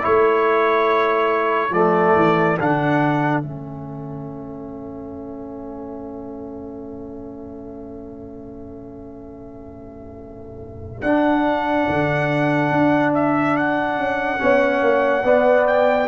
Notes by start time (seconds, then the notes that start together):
0.00 A3 E4 A4 C#5
1.70 F3 A3 D5
2.16 E3
2.59 D3 D4 F#5
3.41 A3 C#4 E5
11.01 D4 F#5
11.88 D3
12.71 D4
13.14 E5
13.57 F#5
13.98 C#4
14.38 B3 C#4 C#5
14.81 A#3
15.24 B3 D5
15.67 G5